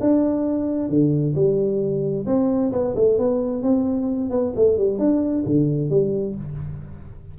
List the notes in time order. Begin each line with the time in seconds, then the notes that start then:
0.00 D4
0.89 D3
1.35 G3
2.26 C4
2.72 B3
2.95 A3
3.18 B3
3.62 C4
4.30 B3
4.56 A3
4.77 G3
4.99 D4
5.46 D3
5.90 G3